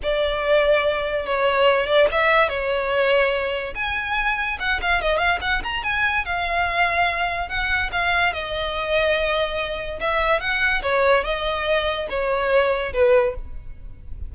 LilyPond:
\new Staff \with { instrumentName = "violin" } { \time 4/4 \tempo 4 = 144 d''2. cis''4~ | cis''8 d''8 e''4 cis''2~ | cis''4 gis''2 fis''8 f''8 | dis''8 f''8 fis''8 ais''8 gis''4 f''4~ |
f''2 fis''4 f''4 | dis''1 | e''4 fis''4 cis''4 dis''4~ | dis''4 cis''2 b'4 | }